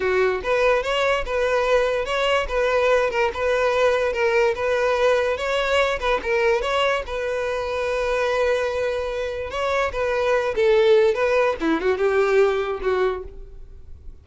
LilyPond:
\new Staff \with { instrumentName = "violin" } { \time 4/4 \tempo 4 = 145 fis'4 b'4 cis''4 b'4~ | b'4 cis''4 b'4. ais'8 | b'2 ais'4 b'4~ | b'4 cis''4. b'8 ais'4 |
cis''4 b'2.~ | b'2. cis''4 | b'4. a'4. b'4 | e'8 fis'8 g'2 fis'4 | }